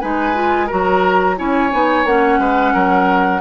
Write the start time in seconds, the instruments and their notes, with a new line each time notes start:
0.00 bassoon G#3, clarinet D#4, oboe B4, flute G#5
0.34 clarinet F4
0.67 bassoon F#3, clarinet F#4, oboe A#4, flute A#5
1.36 bassoon C#4, clarinet E4, oboe C#5, flute G#5
1.72 bassoon B3, clarinet D#4
2.05 bassoon A#3, clarinet C#4, flute F#5
2.39 bassoon G#3, oboe B4
2.74 bassoon F#3, oboe A#4